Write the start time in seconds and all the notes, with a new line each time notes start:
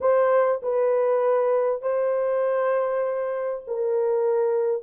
0.00 C5
0.62 B4
1.82 C5
3.67 A#4